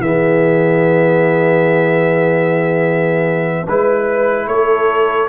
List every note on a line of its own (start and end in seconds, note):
0.00 3.65 E3
0.00 3.67 B3
0.00 3.67 G#4
0.00 3.66 E5
3.67 4.47 G#3
3.67 5.29 E4
3.67 4.48 B4
4.47 5.28 A3
4.47 5.29 A4
4.47 5.29 C#5